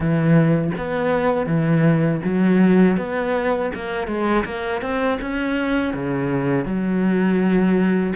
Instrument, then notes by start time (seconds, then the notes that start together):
cello
0.00 E3
0.77 B3
1.46 E3
2.24 F#3
2.97 B3
3.74 A#3
4.07 G#3
4.44 A#3
4.81 C4
5.21 C#4
5.93 C#3
6.65 F#3